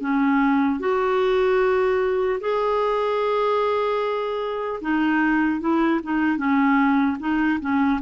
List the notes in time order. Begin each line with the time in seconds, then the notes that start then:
0.00 C#4
0.79 F#4
2.40 G#4
4.81 D#4
5.60 E4
6.03 D#4
6.37 C#4
7.19 D#4
7.60 C#4